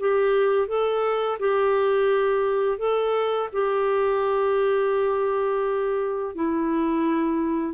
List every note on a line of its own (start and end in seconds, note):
0.00 0.68 G4
0.68 1.38 A4
1.40 2.78 G4
2.78 3.49 A4
3.53 6.35 G4
6.35 7.74 E4